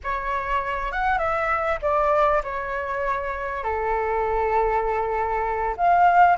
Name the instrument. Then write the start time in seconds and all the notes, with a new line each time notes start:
flute
0.03 C#5
0.91 F#5
1.18 E5
1.82 D5
2.43 C#5
3.63 A4
5.76 F5